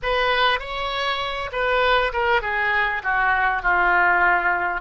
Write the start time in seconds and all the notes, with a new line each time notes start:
0.02 B4
0.59 C#5
1.52 B4
2.12 A#4
2.41 G#4
3.03 F#4
3.62 F4